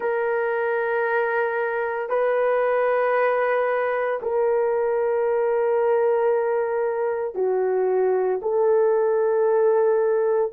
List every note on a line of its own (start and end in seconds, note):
0.00 2.09 A#4
2.09 4.20 B4
4.22 7.34 A#4
7.34 8.39 F#4
8.42 10.52 A4